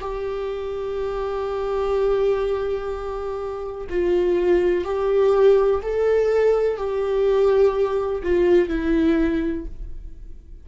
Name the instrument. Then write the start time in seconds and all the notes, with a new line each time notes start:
viola
0.00 G4
3.89 F4
4.84 G4
5.82 A4
6.77 G4
8.23 F4
8.68 E4